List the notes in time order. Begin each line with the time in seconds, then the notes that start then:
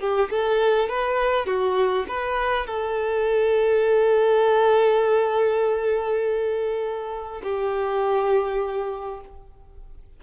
0.00 G4
0.31 A4
0.89 B4
1.47 F#4
2.08 B4
2.67 A4
7.43 G4